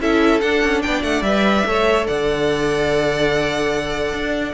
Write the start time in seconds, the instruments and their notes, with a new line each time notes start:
0.00 cello C#4, viola E4, violin A4 E5
0.40 cello D4, viola D4, violin F#5
0.62 cello C#4
0.82 cello B3, violin D5 G5
1.02 cello A3, violin F#5
1.21 cello G3, viola B4, violin E5
1.66 cello A3, viola A4, violin C#5
2.07 cello D3, violin D5 F#5
4.12 cello D4